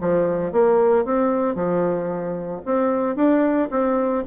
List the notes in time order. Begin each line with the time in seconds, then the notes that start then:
0.00 F3
0.52 A#3
1.05 C4
1.54 F3
2.65 C4
3.15 D4
3.70 C4